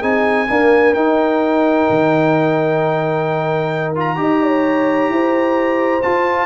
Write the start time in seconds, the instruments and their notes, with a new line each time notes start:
0.00 tuba C4, trombone D#4, horn G#4, trumpet G#5
0.49 trombone A#3, tuba D4, horn A#4
0.94 trombone D#4, tuba D#4, trumpet G5
1.90 tuba D#3
3.96 trombone F4, trumpet A#5
4.16 tuba D#4, trombone G4, horn D#5
4.43 horn C#5
5.10 tuba E4, horn C5
6.03 trombone F4, tuba F4, trumpet A5